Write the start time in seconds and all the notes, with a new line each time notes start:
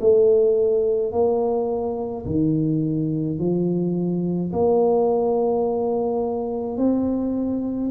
0.00 A3
1.12 A#3
2.25 D#3
3.38 F3
4.52 A#3
6.77 C4